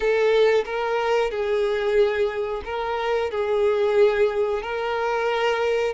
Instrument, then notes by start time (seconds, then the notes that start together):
violin
0.00 A4
0.65 A#4
1.30 G#4
2.65 A#4
3.30 G#4
4.62 A#4